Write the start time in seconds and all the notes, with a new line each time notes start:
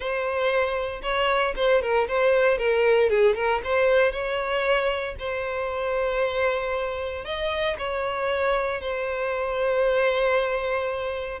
0.00 C5
1.02 C#5
1.56 C5
1.82 A#4
2.08 C5
2.58 A#4
3.09 G#4
3.35 A#4
3.63 C5
4.11 C#5
5.19 C5
7.24 D#5
7.78 C#5
8.81 C5